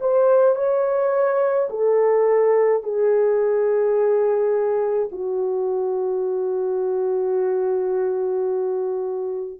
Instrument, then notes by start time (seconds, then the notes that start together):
horn
0.00 C5
0.55 C#5
1.70 A4
2.83 G#4
5.11 F#4